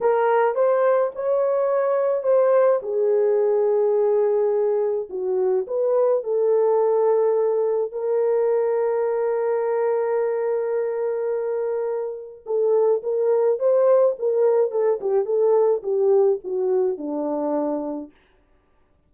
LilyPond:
\new Staff \with { instrumentName = "horn" } { \time 4/4 \tempo 4 = 106 ais'4 c''4 cis''2 | c''4 gis'2.~ | gis'4 fis'4 b'4 a'4~ | a'2 ais'2~ |
ais'1~ | ais'2 a'4 ais'4 | c''4 ais'4 a'8 g'8 a'4 | g'4 fis'4 d'2 | }